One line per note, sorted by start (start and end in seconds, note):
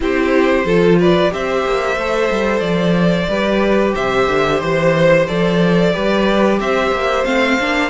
0.00 0.64 C4
0.00 0.64 E4
0.00 0.65 G4
0.00 1.00 C5
0.64 1.30 F3
0.64 1.30 F4
0.64 0.98 A4
0.99 1.32 B4
0.99 1.33 D5
1.30 1.65 C4
1.30 1.96 G4
1.30 3.29 C5
1.30 2.60 E5
1.65 1.96 A#3
1.96 2.29 A3
1.96 3.30 A4
2.30 2.60 G3
2.60 3.26 F3
2.60 3.92 D5
3.28 3.94 G3
3.28 5.27 G4
3.28 3.94 B4
3.94 4.27 C3
3.94 5.92 C5
3.94 4.60 E5
4.27 4.60 D3
4.60 5.27 E3
4.60 5.26 C5
5.27 5.95 F3
5.27 5.93 A4
5.27 6.59 D5
5.93 6.59 G3
5.93 7.24 G4
5.93 6.59 B4
6.59 6.91 C4
6.59 7.90 C5
6.59 7.24 E5
6.91 7.24 A#3
7.24 7.58 A3
7.24 7.57 C4
7.24 7.90 F5
7.59 7.90 A#3
7.59 7.90 D4